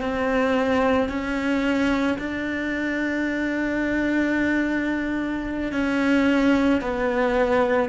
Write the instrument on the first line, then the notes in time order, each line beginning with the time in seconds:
cello
0.00 C4
1.09 C#4
2.18 D4
5.72 C#4
6.81 B3